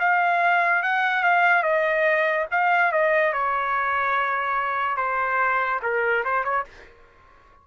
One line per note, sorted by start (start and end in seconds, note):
0.00 0.83 F5
0.83 1.24 F#5
1.24 1.63 F5
1.63 2.47 D#5
2.52 2.92 F5
2.92 3.33 D#5
3.33 4.97 C#5
4.97 5.81 C5
5.83 6.25 A#4
6.25 6.45 C5
6.45 6.66 C#5